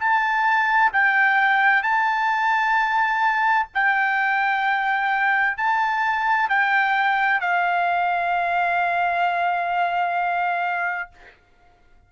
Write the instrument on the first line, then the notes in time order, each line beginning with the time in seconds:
trumpet
0.00 A5
0.93 G5
1.83 A5
3.74 G5
5.57 A5
6.49 G5
7.40 F5